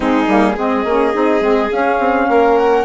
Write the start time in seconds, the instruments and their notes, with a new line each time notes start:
0.00 bassoon G#3, saxophone C4, violin D#4, flute G#4
0.27 bassoon G3, saxophone A#3
0.55 bassoon G#3, saxophone C4, violin G#4, flute D#5
0.84 bassoon A#3, saxophone C#4
1.13 bassoon C4, saxophone D#4
1.40 bassoon G#3, saxophone C4
1.72 bassoon C#4, saxophone C#4, flute F5
1.99 bassoon C4
2.28 bassoon A#3, violin A#4
2.57 flute F#5